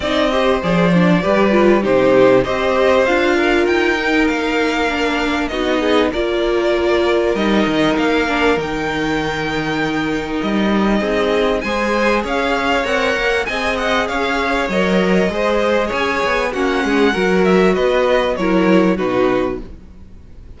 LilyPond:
<<
  \new Staff \with { instrumentName = "violin" } { \time 4/4 \tempo 4 = 98 dis''4 d''2 c''4 | dis''4 f''4 g''4 f''4~ | f''4 dis''4 d''2 | dis''4 f''4 g''2~ |
g''4 dis''2 gis''4 | f''4 fis''4 gis''8 fis''8 f''4 | dis''2 gis''4 fis''4~ | fis''8 e''8 dis''4 cis''4 b'4 | }
  \new Staff \with { instrumentName = "violin" } { \time 4/4 d''8 c''4. b'4 g'4 | c''4. ais'2~ ais'8~ | ais'4 fis'8 gis'8 ais'2~ | ais'1~ |
ais'2 gis'4 c''4 | cis''2 dis''4 cis''4~ | cis''4 c''4 cis''4 fis'8 gis'8 | ais'4 b'4 ais'4 fis'4 | }
  \new Staff \with { instrumentName = "viola" } { \time 4/4 dis'8 g'8 gis'8 d'8 g'8 f'8 dis'4 | g'4 f'4. dis'4. | d'4 dis'4 f'2 | dis'4. d'8 dis'2~ |
dis'2. gis'4~ | gis'4 ais'4 gis'2 | ais'4 gis'2 cis'4 | fis'2 e'4 dis'4 | }
  \new Staff \with { instrumentName = "cello" } { \time 4/4 c'4 f4 g4 c4 | c'4 d'4 dis'4 ais4~ | ais4 b4 ais2 | g8 dis8 ais4 dis2~ |
dis4 g4 c'4 gis4 | cis'4 c'8 ais8 c'4 cis'4 | fis4 gis4 cis'8 b8 ais8 gis8 | fis4 b4 fis4 b,4 | }
>>